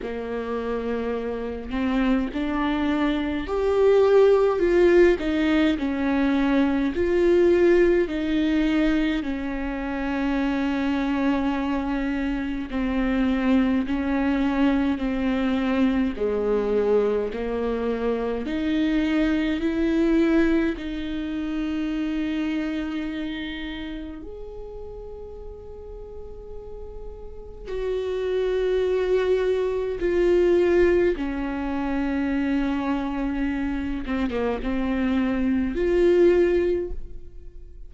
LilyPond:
\new Staff \with { instrumentName = "viola" } { \time 4/4 \tempo 4 = 52 ais4. c'8 d'4 g'4 | f'8 dis'8 cis'4 f'4 dis'4 | cis'2. c'4 | cis'4 c'4 gis4 ais4 |
dis'4 e'4 dis'2~ | dis'4 gis'2. | fis'2 f'4 cis'4~ | cis'4. c'16 ais16 c'4 f'4 | }